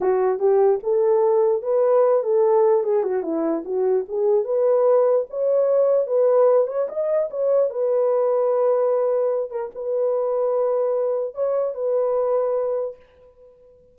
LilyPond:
\new Staff \with { instrumentName = "horn" } { \time 4/4 \tempo 4 = 148 fis'4 g'4 a'2 | b'4. a'4. gis'8 fis'8 | e'4 fis'4 gis'4 b'4~ | b'4 cis''2 b'4~ |
b'8 cis''8 dis''4 cis''4 b'4~ | b'2.~ b'8 ais'8 | b'1 | cis''4 b'2. | }